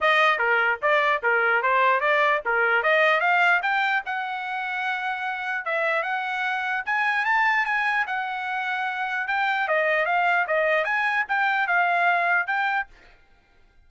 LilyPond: \new Staff \with { instrumentName = "trumpet" } { \time 4/4 \tempo 4 = 149 dis''4 ais'4 d''4 ais'4 | c''4 d''4 ais'4 dis''4 | f''4 g''4 fis''2~ | fis''2 e''4 fis''4~ |
fis''4 gis''4 a''4 gis''4 | fis''2. g''4 | dis''4 f''4 dis''4 gis''4 | g''4 f''2 g''4 | }